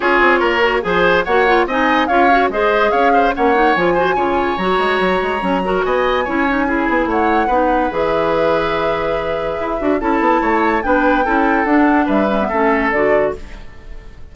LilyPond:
<<
  \new Staff \with { instrumentName = "flute" } { \time 4/4 \tempo 4 = 144 cis''2 gis''4 fis''4 | gis''4 f''4 dis''4 f''4 | fis''4 gis''2 ais''4~ | ais''2 gis''2~ |
gis''4 fis''2 e''4~ | e''1 | a''2 g''2 | fis''4 e''2 d''4 | }
  \new Staff \with { instrumentName = "oboe" } { \time 4/4 gis'4 ais'4 c''4 cis''4 | dis''4 cis''4 c''4 cis''8 c''8 | cis''4. c''8 cis''2~ | cis''4. ais'8 dis''4 cis''4 |
gis'4 cis''4 b'2~ | b'1 | a'4 cis''4 b'4 a'4~ | a'4 b'4 a'2 | }
  \new Staff \with { instrumentName = "clarinet" } { \time 4/4 f'4. fis'8 gis'4 fis'8 f'8 | dis'4 f'8 fis'8 gis'2 | cis'8 dis'8 f'8 fis'8 f'4 fis'4~ | fis'4 cis'8 fis'4. e'8 dis'8 |
e'2 dis'4 gis'4~ | gis'2.~ gis'8 fis'8 | e'2 d'4 e'4 | d'4. cis'16 b16 cis'4 fis'4 | }
  \new Staff \with { instrumentName = "bassoon" } { \time 4/4 cis'8 c'8 ais4 f4 ais4 | c'4 cis'4 gis4 cis'4 | ais4 f4 cis4 fis8 gis8 | fis8 gis8 fis4 b4 cis'4~ |
cis'8 b8 a4 b4 e4~ | e2. e'8 d'8 | cis'8 b8 a4 b4 cis'4 | d'4 g4 a4 d4 | }
>>